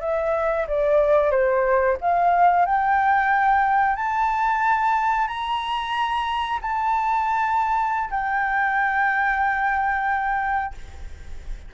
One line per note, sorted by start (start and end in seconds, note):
0.00 0.66 E5
0.67 1.31 D5
1.31 1.97 C5
2.00 2.65 F5
2.65 3.96 G5
3.96 5.27 A5
5.27 6.59 A#5
6.61 8.10 A5
8.10 10.74 G5